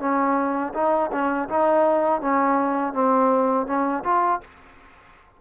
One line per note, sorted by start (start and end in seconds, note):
0.00 0.73 C#4
0.74 1.11 D#4
1.12 1.49 C#4
1.49 2.21 D#4
2.21 2.94 C#4
2.94 3.67 C4
3.67 4.03 C#4
4.04 4.41 F4